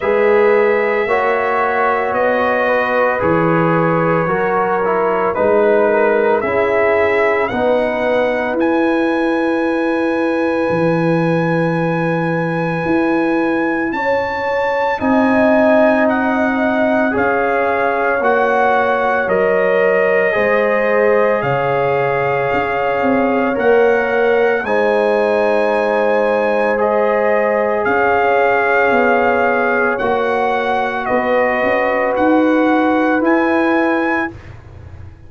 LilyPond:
<<
  \new Staff \with { instrumentName = "trumpet" } { \time 4/4 \tempo 4 = 56 e''2 dis''4 cis''4~ | cis''4 b'4 e''4 fis''4 | gis''1~ | gis''4 a''4 gis''4 fis''4 |
f''4 fis''4 dis''2 | f''2 fis''4 gis''4~ | gis''4 dis''4 f''2 | fis''4 dis''4 fis''4 gis''4 | }
  \new Staff \with { instrumentName = "horn" } { \time 4/4 b'4 cis''4. b'4. | ais'4 b'8 ais'8 gis'4 b'4~ | b'1~ | b'4 cis''4 dis''2 |
cis''2. c''4 | cis''2. c''4~ | c''2 cis''2~ | cis''4 b'2. | }
  \new Staff \with { instrumentName = "trombone" } { \time 4/4 gis'4 fis'2 gis'4 | fis'8 e'8 dis'4 e'4 dis'4 | e'1~ | e'2 dis'2 |
gis'4 fis'4 ais'4 gis'4~ | gis'2 ais'4 dis'4~ | dis'4 gis'2. | fis'2. e'4 | }
  \new Staff \with { instrumentName = "tuba" } { \time 4/4 gis4 ais4 b4 e4 | fis4 gis4 cis'4 b4 | e'2 e2 | e'4 cis'4 c'2 |
cis'4 ais4 fis4 gis4 | cis4 cis'8 c'8 ais4 gis4~ | gis2 cis'4 b4 | ais4 b8 cis'8 dis'4 e'4 | }
>>